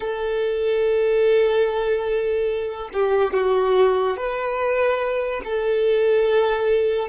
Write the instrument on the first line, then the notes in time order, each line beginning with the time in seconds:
violin
0.00 A4
2.93 G4
3.33 F#4
4.16 B4
5.44 A4